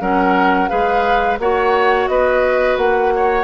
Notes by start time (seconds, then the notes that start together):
0.00 F#3 C#4 A#4 F#5
0.68 G#3 G#4 B4 F5
1.39 A#3 F#4 C#5 F#5
2.07 B3 B4 D#5
2.77 A#3 F#5
3.15 C#5